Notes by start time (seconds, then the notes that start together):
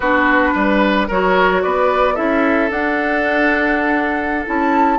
0.00 B3 D4 F#4 B4
0.54 G3 B4
1.07 F#3 F#4 A#4 C#5
1.62 B3 B4 D5
2.14 C#4 E4 A4 E5
2.70 D4 F#5
4.45 C#4 E4 A5